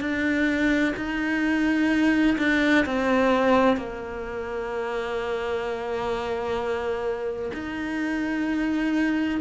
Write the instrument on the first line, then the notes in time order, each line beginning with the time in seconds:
cello
0.00 D4
0.96 D#4
2.38 D4
2.86 C4
3.77 A#3
7.53 D#4